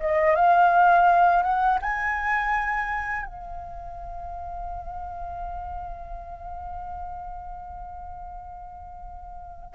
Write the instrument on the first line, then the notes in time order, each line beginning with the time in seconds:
flute
0.00 D#5
0.36 F5
1.43 F#5
1.82 G#5
3.27 F5